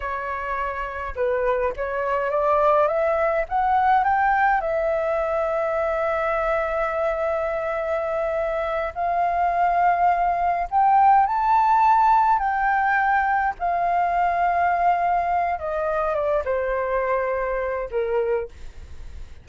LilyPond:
\new Staff \with { instrumentName = "flute" } { \time 4/4 \tempo 4 = 104 cis''2 b'4 cis''4 | d''4 e''4 fis''4 g''4 | e''1~ | e''2.~ e''8 f''8~ |
f''2~ f''8 g''4 a''8~ | a''4. g''2 f''8~ | f''2. dis''4 | d''8 c''2~ c''8 ais'4 | }